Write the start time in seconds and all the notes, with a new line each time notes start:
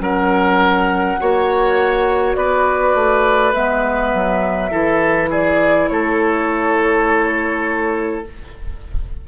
0.00 F#3 C#4 A#4 F#5
1.19 A#3 F#4 C#5
2.35 B3 B4 D5
2.94 A3
3.53 G#3 B3 E5
4.13 F#3
4.71 E3 E4 A4
5.30 G#4 D5
5.88 A3 A4 C#5